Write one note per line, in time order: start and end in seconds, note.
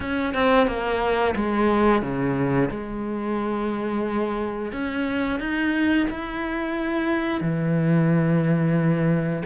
0.00 0.34 C#4
0.34 0.67 C4
0.67 1.35 A#3
1.35 2.02 G#3
2.02 2.69 C#3
2.70 4.72 G#3
4.72 5.39 C#4
5.39 6.07 D#4
6.09 7.40 E4
7.40 9.43 E3